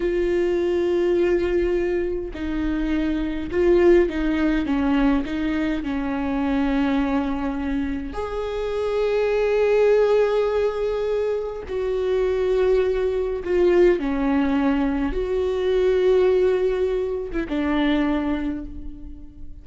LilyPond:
\new Staff \with { instrumentName = "viola" } { \time 4/4 \tempo 4 = 103 f'1 | dis'2 f'4 dis'4 | cis'4 dis'4 cis'2~ | cis'2 gis'2~ |
gis'1 | fis'2. f'4 | cis'2 fis'2~ | fis'4.~ fis'16 e'16 d'2 | }